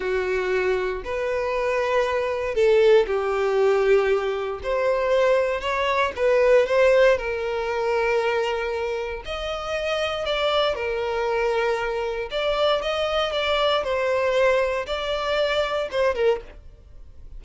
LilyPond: \new Staff \with { instrumentName = "violin" } { \time 4/4 \tempo 4 = 117 fis'2 b'2~ | b'4 a'4 g'2~ | g'4 c''2 cis''4 | b'4 c''4 ais'2~ |
ais'2 dis''2 | d''4 ais'2. | d''4 dis''4 d''4 c''4~ | c''4 d''2 c''8 ais'8 | }